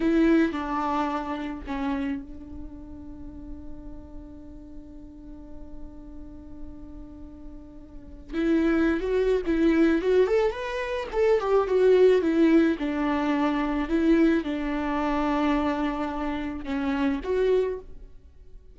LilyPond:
\new Staff \with { instrumentName = "viola" } { \time 4/4 \tempo 4 = 108 e'4 d'2 cis'4 | d'1~ | d'1~ | d'2. e'4~ |
e'16 fis'8. e'4 fis'8 a'8 b'4 | a'8 g'8 fis'4 e'4 d'4~ | d'4 e'4 d'2~ | d'2 cis'4 fis'4 | }